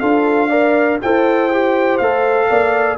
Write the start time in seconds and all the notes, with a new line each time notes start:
0.00 D4 F4 A4 F5
0.49 A#4 D5
1.02 E4 A4 C5 G5
1.51 G4
1.98 A3 A4 F5
2.49 A#3 D5